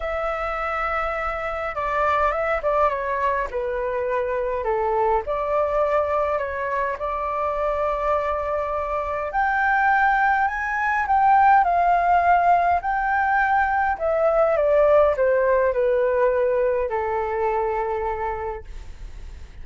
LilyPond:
\new Staff \with { instrumentName = "flute" } { \time 4/4 \tempo 4 = 103 e''2. d''4 | e''8 d''8 cis''4 b'2 | a'4 d''2 cis''4 | d''1 |
g''2 gis''4 g''4 | f''2 g''2 | e''4 d''4 c''4 b'4~ | b'4 a'2. | }